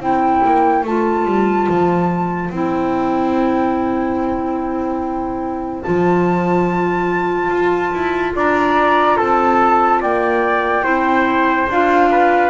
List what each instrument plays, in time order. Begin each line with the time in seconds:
0.00 double bass C4, clarinet E4, trumpet C5, flute G5
0.45 double bass A#3
0.84 double bass A3, clarinet F4, flute A5
1.26 double bass G3
1.69 double bass F3
2.50 double bass C4, clarinet E4, flute G5
5.83 double bass F3, clarinet F4, flute A5
7.51 double bass F4
7.93 double bass E4
8.35 double bass D4, trumpet D5, flute A#5
9.17 double bass C4, trumpet A4, flute A5
10.01 double bass A#3, trumpet D5, flute G5
10.84 double bass C4, clarinet E4, trumpet C5
11.69 double bass D4, clarinet F4, flute F5
12.11 trumpet B4